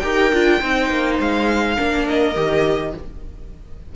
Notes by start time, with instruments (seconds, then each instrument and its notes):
0.00 cello D#4, viola G4 A#4, violin G5
0.33 cello D4, viola F4
0.60 cello C4, viola D#4 C5
0.90 cello A#3
1.20 cello G#3, violin F5
1.76 cello A#3, viola D4 A#4
2.09 violin D#5
2.35 cello D#3, viola G4